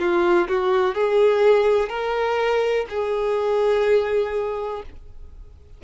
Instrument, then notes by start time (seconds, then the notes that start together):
violin
0.00 F4
0.49 F#4
0.95 G#4
1.90 A#4
2.89 G#4